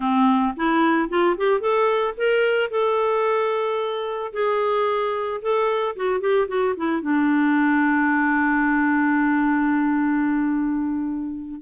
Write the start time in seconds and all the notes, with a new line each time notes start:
0.00 C4
0.56 E4
1.09 F4
1.37 G4
1.60 A4
2.17 A#4
2.70 A4
4.32 G#4
5.41 A4
5.96 F#4
6.20 G4
6.47 F#4
6.76 E4
7.01 D4